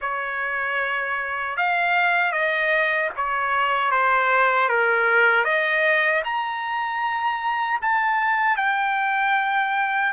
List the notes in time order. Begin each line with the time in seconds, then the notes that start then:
0.01 C#5
1.57 F5
2.32 D#5
3.16 C#5
3.91 C5
4.68 A#4
5.44 D#5
6.24 A#5
7.81 A5
8.56 G5